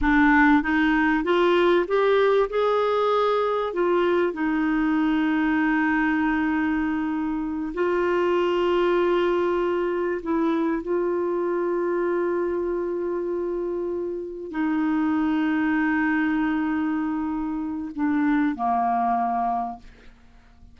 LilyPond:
\new Staff \with { instrumentName = "clarinet" } { \time 4/4 \tempo 4 = 97 d'4 dis'4 f'4 g'4 | gis'2 f'4 dis'4~ | dis'1~ | dis'8 f'2.~ f'8~ |
f'8 e'4 f'2~ f'8~ | f'2.~ f'8 dis'8~ | dis'1~ | dis'4 d'4 ais2 | }